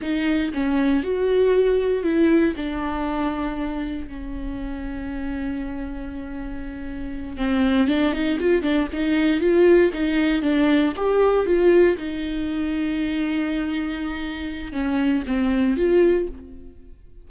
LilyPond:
\new Staff \with { instrumentName = "viola" } { \time 4/4 \tempo 4 = 118 dis'4 cis'4 fis'2 | e'4 d'2. | cis'1~ | cis'2~ cis'8 c'4 d'8 |
dis'8 f'8 d'8 dis'4 f'4 dis'8~ | dis'8 d'4 g'4 f'4 dis'8~ | dis'1~ | dis'4 cis'4 c'4 f'4 | }